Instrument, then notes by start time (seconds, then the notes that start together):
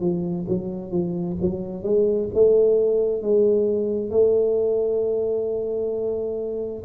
tuba
0.00 F3
0.48 F#3
0.91 F3
1.41 F#3
1.83 G#3
2.34 A3
3.22 G#3
4.10 A3